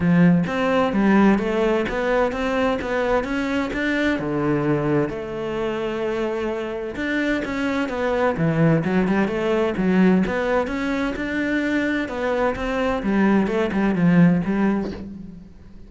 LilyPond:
\new Staff \with { instrumentName = "cello" } { \time 4/4 \tempo 4 = 129 f4 c'4 g4 a4 | b4 c'4 b4 cis'4 | d'4 d2 a4~ | a2. d'4 |
cis'4 b4 e4 fis8 g8 | a4 fis4 b4 cis'4 | d'2 b4 c'4 | g4 a8 g8 f4 g4 | }